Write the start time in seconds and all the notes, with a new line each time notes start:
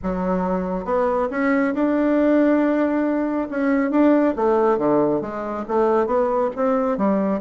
0.02 F#3
0.84 B3
1.30 C#4
1.74 D4
3.50 C#4
3.91 D4
4.35 A3
4.77 D3
5.21 G#3
5.68 A3
6.06 B3
6.56 C4
6.97 G3